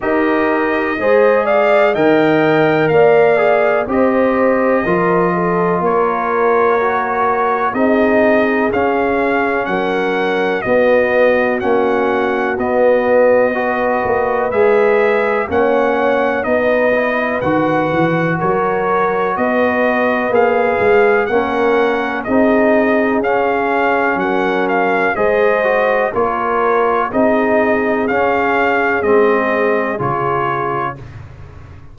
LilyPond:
<<
  \new Staff \with { instrumentName = "trumpet" } { \time 4/4 \tempo 4 = 62 dis''4. f''8 g''4 f''4 | dis''2 cis''2 | dis''4 f''4 fis''4 dis''4 | fis''4 dis''2 e''4 |
fis''4 dis''4 fis''4 cis''4 | dis''4 f''4 fis''4 dis''4 | f''4 fis''8 f''8 dis''4 cis''4 | dis''4 f''4 dis''4 cis''4 | }
  \new Staff \with { instrumentName = "horn" } { \time 4/4 ais'4 c''8 d''8 dis''4 d''4 | c''4 ais'8 a'8 ais'2 | gis'2 ais'4 fis'4~ | fis'2 b'2 |
cis''4 b'2 ais'4 | b'2 ais'4 gis'4~ | gis'4 ais'4 c''4 ais'4 | gis'1 | }
  \new Staff \with { instrumentName = "trombone" } { \time 4/4 g'4 gis'4 ais'4. gis'8 | g'4 f'2 fis'4 | dis'4 cis'2 b4 | cis'4 b4 fis'4 gis'4 |
cis'4 dis'8 e'8 fis'2~ | fis'4 gis'4 cis'4 dis'4 | cis'2 gis'8 fis'8 f'4 | dis'4 cis'4 c'4 f'4 | }
  \new Staff \with { instrumentName = "tuba" } { \time 4/4 dis'4 gis4 dis4 ais4 | c'4 f4 ais2 | c'4 cis'4 fis4 b4 | ais4 b4. ais8 gis4 |
ais4 b4 dis8 e8 fis4 | b4 ais8 gis8 ais4 c'4 | cis'4 fis4 gis4 ais4 | c'4 cis'4 gis4 cis4 | }
>>